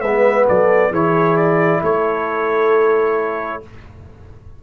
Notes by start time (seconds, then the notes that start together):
0.00 G#3 B4 E5
0.06 B3
0.47 F#3 A4 D5
0.90 E3 E4 G#4 C#5
1.36 D5
1.82 A3 A4 C#5